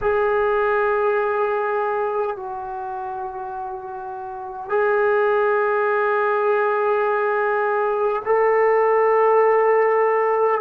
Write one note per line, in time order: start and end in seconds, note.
0.01 2.36 G#4
2.36 4.69 F#4
4.69 8.22 G#4
8.25 10.60 A4